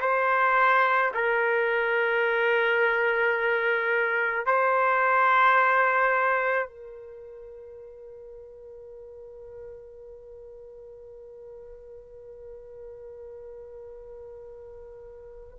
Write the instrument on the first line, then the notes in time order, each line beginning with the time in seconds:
trumpet
0.00 C5
1.14 A#4
4.45 C5
6.67 A#4